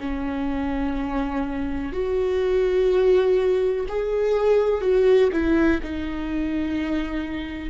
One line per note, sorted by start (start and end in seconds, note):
0.00 1.93 C#4
1.93 3.87 F#4
3.89 4.82 G#4
4.82 5.30 F#4
5.33 5.81 E4
5.83 7.71 D#4